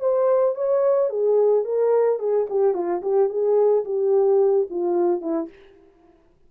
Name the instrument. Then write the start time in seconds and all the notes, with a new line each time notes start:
horn
0.00 C5
0.55 C#5
1.10 G#4
1.64 A#4
2.19 G#4
2.49 G4
2.74 F4
3.02 G4
3.29 G#4
3.85 G4
4.70 F4
5.21 E4